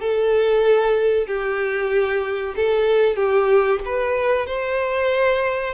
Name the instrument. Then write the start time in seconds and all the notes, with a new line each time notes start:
violin
0.00 A4
1.27 G4
2.56 A4
3.16 G4
3.85 B4
4.46 C5